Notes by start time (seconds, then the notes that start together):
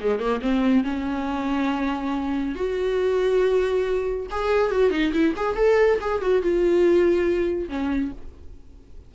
0.00 G#3
0.19 A#3
0.41 C4
0.84 C#4
2.55 F#4
4.31 G#4
4.71 F#4
4.91 D#4
5.13 E4
5.36 G#4
5.56 A4
6.00 G#4
6.21 F#4
6.42 F4
7.69 C#4